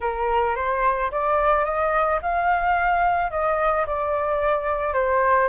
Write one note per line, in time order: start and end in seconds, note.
0.00 0.55 A#4
0.55 1.10 C5
1.11 1.64 D5
1.64 2.19 D#5
2.21 3.30 F5
3.30 3.85 D#5
3.86 4.93 D5
4.93 5.48 C5